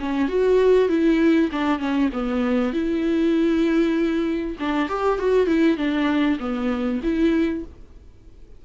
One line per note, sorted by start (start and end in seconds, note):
0.00 0.28 C#4
0.28 0.89 F#4
0.89 1.50 E4
1.52 1.79 D4
1.79 2.10 C#4
2.13 2.73 B3
2.73 4.57 E4
4.59 4.89 D4
4.89 5.19 G4
5.19 5.47 F#4
5.47 5.77 E4
5.77 6.38 D4
6.40 7.01 B3
7.03 7.64 E4